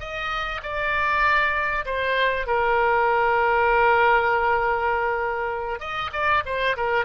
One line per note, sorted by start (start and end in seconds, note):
0.00 0.61 D#5
0.63 1.85 D5
1.85 2.47 C5
2.47 5.80 A#4
5.80 6.11 D#5
6.13 6.43 D5
6.46 6.76 C5
6.77 7.05 A#4